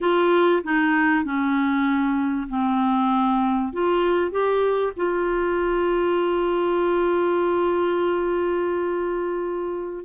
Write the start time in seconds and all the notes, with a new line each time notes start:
0.01 F4
0.63 D#4
1.24 C#4
2.49 C4
3.73 F4
4.31 G4
4.96 F4